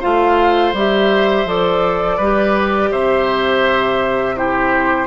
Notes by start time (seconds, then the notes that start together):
0.00 A3 F4 C5 F5
0.73 G3 G4 E5
1.45 F3 A4 D5
2.17 G3 G4 B4
2.91 C3 C5 E5
4.36 E4 G4 C5